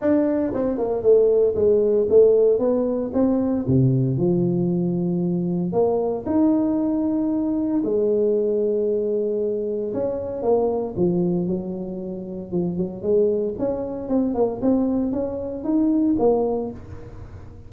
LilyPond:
\new Staff \with { instrumentName = "tuba" } { \time 4/4 \tempo 4 = 115 d'4 c'8 ais8 a4 gis4 | a4 b4 c'4 c4 | f2. ais4 | dis'2. gis4~ |
gis2. cis'4 | ais4 f4 fis2 | f8 fis8 gis4 cis'4 c'8 ais8 | c'4 cis'4 dis'4 ais4 | }